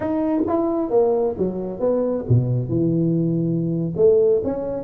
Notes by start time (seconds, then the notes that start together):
0.00 D#4
0.47 E4
0.90 A#3
1.38 F#3
1.79 B3
2.28 B2
2.68 E3
3.96 A3
4.44 C#4